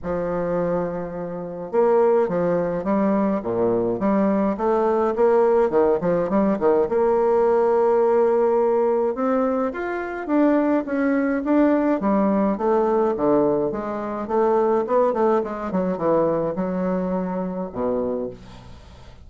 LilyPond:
\new Staff \with { instrumentName = "bassoon" } { \time 4/4 \tempo 4 = 105 f2. ais4 | f4 g4 ais,4 g4 | a4 ais4 dis8 f8 g8 dis8 | ais1 |
c'4 f'4 d'4 cis'4 | d'4 g4 a4 d4 | gis4 a4 b8 a8 gis8 fis8 | e4 fis2 b,4 | }